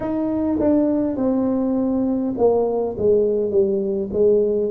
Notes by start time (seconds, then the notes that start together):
0.00 D#4
0.59 D4
1.16 C4
2.37 A#3
2.98 G#3
3.50 G3
4.12 G#3